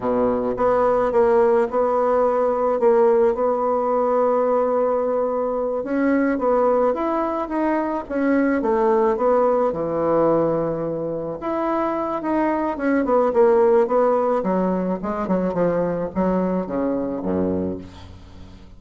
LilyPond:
\new Staff \with { instrumentName = "bassoon" } { \time 4/4 \tempo 4 = 108 b,4 b4 ais4 b4~ | b4 ais4 b2~ | b2~ b8 cis'4 b8~ | b8 e'4 dis'4 cis'4 a8~ |
a8 b4 e2~ e8~ | e8 e'4. dis'4 cis'8 b8 | ais4 b4 fis4 gis8 fis8 | f4 fis4 cis4 fis,4 | }